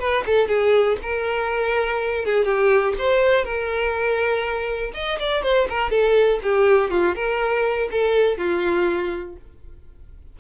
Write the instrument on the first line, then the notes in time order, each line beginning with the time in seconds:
violin
0.00 B4
0.26 A4
0.49 G#4
1.03 A#4
2.26 G#4
2.45 G4
2.99 C5
3.45 A#4
4.94 D#5
5.20 D5
5.43 C5
5.70 A#4
5.91 A4
6.43 G4
6.91 F4
7.16 A#4
7.92 A4
8.38 F4